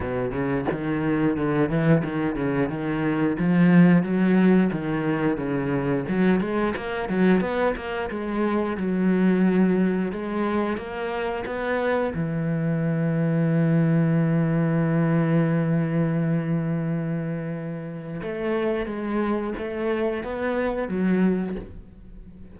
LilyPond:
\new Staff \with { instrumentName = "cello" } { \time 4/4 \tempo 4 = 89 b,8 cis8 dis4 d8 e8 dis8 cis8 | dis4 f4 fis4 dis4 | cis4 fis8 gis8 ais8 fis8 b8 ais8 | gis4 fis2 gis4 |
ais4 b4 e2~ | e1~ | e2. a4 | gis4 a4 b4 fis4 | }